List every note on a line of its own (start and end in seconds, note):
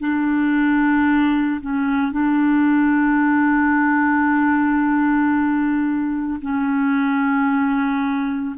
0.00 1.61 D4
1.61 2.12 C#4
2.12 6.40 D4
6.42 8.56 C#4